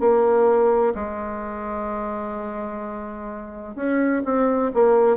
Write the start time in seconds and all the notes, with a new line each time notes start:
0.00 A#3
0.95 G#3
3.76 C#4
4.25 C4
4.74 A#3